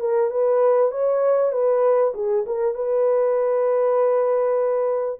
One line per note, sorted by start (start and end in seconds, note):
0.00 0.31 A#4
0.31 0.91 B4
0.91 1.52 C#5
1.52 2.13 B4
2.14 2.45 G#4
2.46 2.74 A#4
2.74 5.19 B4